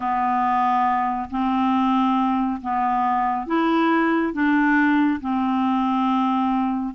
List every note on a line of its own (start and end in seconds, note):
0.00 1.28 B3
1.30 2.60 C4
2.61 3.46 B3
3.46 4.33 E4
4.33 5.20 D4
5.20 6.94 C4